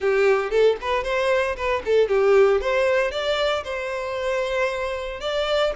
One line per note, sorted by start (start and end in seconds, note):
0.00 0.50 G4
0.50 0.76 A4
0.81 1.03 B4
1.03 1.56 C5
1.56 1.82 B4
1.85 2.08 A4
2.08 2.60 G4
2.60 3.11 C5
3.11 3.63 D5
3.64 5.20 C5
5.20 5.72 D5